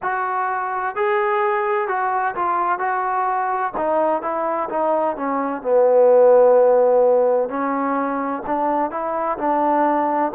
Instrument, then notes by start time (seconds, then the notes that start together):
trombone
0.02 F#4
0.95 G#4
1.87 F#4
2.35 F4
2.78 F#4
3.77 D#4
4.21 E4
4.69 D#4
5.16 C#4
5.62 B3
7.49 C#4
8.46 D4
8.91 E4
9.37 D4